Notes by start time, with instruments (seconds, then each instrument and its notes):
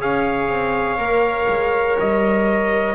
0.00 double bass C#4, trombone G#4, viola C#5, trumpet F5
0.48 double bass C4
0.98 double bass A#3, trombone A#4
1.48 double bass G#3
1.99 double bass G3, trumpet D#5